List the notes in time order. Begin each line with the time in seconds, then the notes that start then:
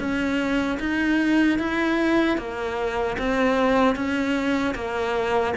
0.00 C#4
0.80 D#4
1.59 E4
2.38 A#3
3.19 C4
3.96 C#4
4.75 A#3